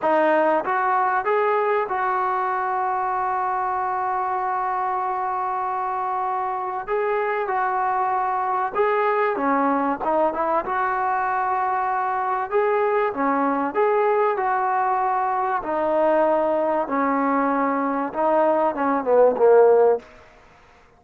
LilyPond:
\new Staff \with { instrumentName = "trombone" } { \time 4/4 \tempo 4 = 96 dis'4 fis'4 gis'4 fis'4~ | fis'1~ | fis'2. gis'4 | fis'2 gis'4 cis'4 |
dis'8 e'8 fis'2. | gis'4 cis'4 gis'4 fis'4~ | fis'4 dis'2 cis'4~ | cis'4 dis'4 cis'8 b8 ais4 | }